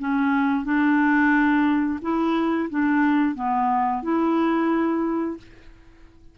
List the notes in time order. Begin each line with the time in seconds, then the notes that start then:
0.00 C#4
0.65 D4
2.02 E4
2.70 D4
3.36 B3
4.03 E4